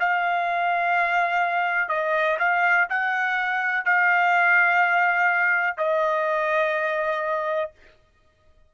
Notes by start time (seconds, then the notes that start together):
0.00 F5
1.89 D#5
2.39 F5
2.89 F#5
3.85 F5
5.77 D#5